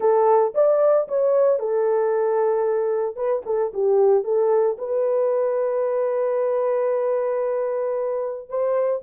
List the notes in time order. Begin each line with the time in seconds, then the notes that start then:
0.00 A4
0.54 D5
1.07 C#5
1.59 A4
3.15 B4
3.45 A4
3.73 G4
4.24 A4
4.78 B4
8.49 C5